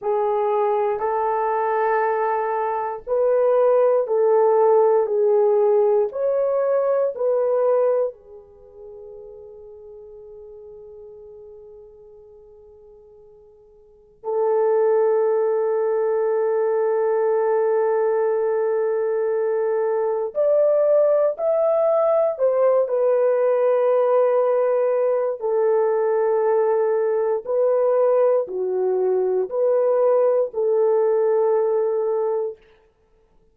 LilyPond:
\new Staff \with { instrumentName = "horn" } { \time 4/4 \tempo 4 = 59 gis'4 a'2 b'4 | a'4 gis'4 cis''4 b'4 | gis'1~ | gis'2 a'2~ |
a'1 | d''4 e''4 c''8 b'4.~ | b'4 a'2 b'4 | fis'4 b'4 a'2 | }